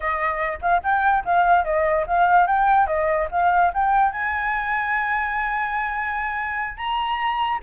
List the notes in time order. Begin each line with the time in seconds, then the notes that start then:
0.00 D#5
0.61 F5
0.83 G5
1.24 F5
1.64 D#5
2.07 F5
2.47 G5
2.87 D#5
3.31 F5
3.73 G5
4.12 G#5
6.77 A#5